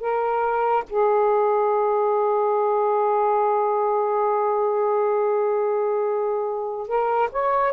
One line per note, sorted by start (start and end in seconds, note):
0.00 0.83 A#4
0.89 6.87 G#4
6.87 7.29 A#4
7.31 7.73 C#5